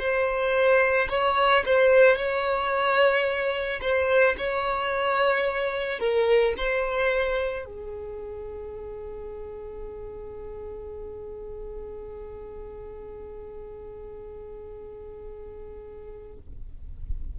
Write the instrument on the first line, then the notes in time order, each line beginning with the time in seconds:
violin
0.00 C5
1.10 C#5
1.66 C5
2.17 C#5
3.82 C5
4.38 C#5
6.00 A#4
6.58 C5
7.66 G#4